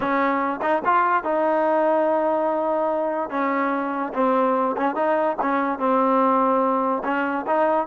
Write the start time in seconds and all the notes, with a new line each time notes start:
0.00 C#4
0.62 D#4
0.84 F4
1.23 D#4
3.30 C#4
4.13 C4
4.76 C#4
4.95 D#4
5.41 C#4
5.78 C4
7.04 C#4
7.47 D#4